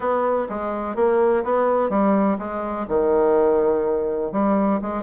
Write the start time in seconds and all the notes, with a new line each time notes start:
0.00 B3
0.49 G#3
0.95 A#3
1.44 B3
1.89 G3
2.38 G#3
2.88 D#3
4.32 G3
4.81 G#3